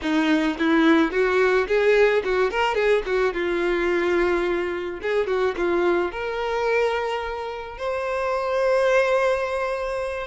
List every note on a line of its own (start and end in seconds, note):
0.02 0.57 D#4
0.58 1.11 E4
1.11 1.67 F#4
1.67 2.22 G#4
2.24 2.51 F#4
2.51 2.74 A#4
2.74 3.02 G#4
3.06 3.33 F#4
3.33 5.00 F4
5.02 5.27 G#4
5.27 5.54 F#4
5.57 6.11 F4
6.11 7.78 A#4
7.78 10.27 C5